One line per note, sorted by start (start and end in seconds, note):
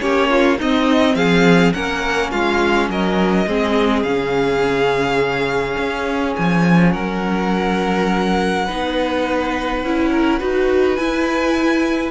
0.00 0.60 A#3
0.00 0.58 C#4
0.00 0.30 G4
0.00 0.58 C#5
0.30 0.58 F4
0.58 1.74 C4
0.58 1.15 C4
0.58 1.16 D#4
0.58 1.15 D#5
1.15 1.72 F3
1.15 1.74 G#4
1.15 1.73 F5
1.73 2.32 A#3
1.73 3.47 C#4
1.73 2.31 A#4
1.73 2.31 F#5
2.31 2.89 G#3
2.31 2.88 F4
2.31 2.89 F5
2.89 3.46 F#3
2.89 3.47 A#4
2.89 4.03 D#5
3.47 4.04 G#3
3.47 4.05 C4
3.47 6.93 G#4
4.03 5.77 C#3
4.03 8.68 C#4
4.03 6.33 F5
5.78 6.36 C#4
6.36 6.95 F3
6.36 6.92 G#5
6.92 8.68 F#3
6.92 8.65 A#4
6.92 10.95 F#5
8.65 9.84 B3
8.65 9.84 D#4
8.65 10.09 B4
9.84 10.41 C#4
9.84 10.40 E4
10.12 10.39 A#4
10.39 10.98 D#4
10.39 10.97 F#4
10.39 12.11 B4
10.95 12.11 E4
10.95 12.11 G#5